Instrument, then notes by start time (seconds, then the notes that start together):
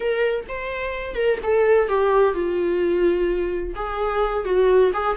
viola
0.00 A#4
0.48 C5
1.15 A#4
1.43 A4
1.88 G4
2.33 F4
3.75 G#4
4.44 F#4
4.93 G#4